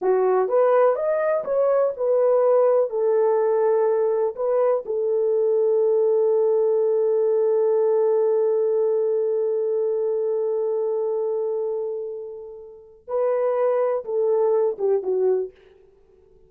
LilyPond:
\new Staff \with { instrumentName = "horn" } { \time 4/4 \tempo 4 = 124 fis'4 b'4 dis''4 cis''4 | b'2 a'2~ | a'4 b'4 a'2~ | a'1~ |
a'1~ | a'1~ | a'2. b'4~ | b'4 a'4. g'8 fis'4 | }